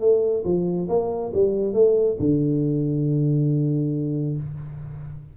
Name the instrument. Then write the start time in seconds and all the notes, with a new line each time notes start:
tuba
0.00 A3
0.44 F3
0.88 A#3
1.34 G3
1.73 A3
2.19 D3